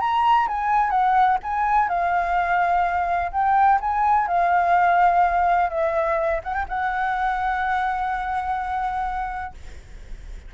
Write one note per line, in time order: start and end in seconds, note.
0.00 0.48 A#5
0.48 0.90 G#5
0.90 1.38 F#5
1.43 1.89 G#5
1.89 3.32 F5
3.32 3.80 G5
3.81 4.27 G#5
4.27 5.70 F5
5.70 6.41 E5
6.44 6.54 F#5
6.54 6.66 G5
6.69 9.55 F#5